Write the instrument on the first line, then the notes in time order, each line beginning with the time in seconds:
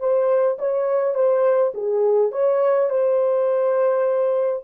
horn
0.00 C5
0.58 C#5
1.15 C5
1.74 G#4
2.32 C#5
2.90 C5